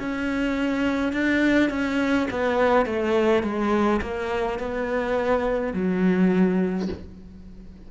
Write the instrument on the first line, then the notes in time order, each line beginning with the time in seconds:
cello
0.00 C#4
1.13 D4
1.70 C#4
2.31 B3
2.86 A3
3.44 G#3
4.02 A#3
4.59 B3
5.74 F#3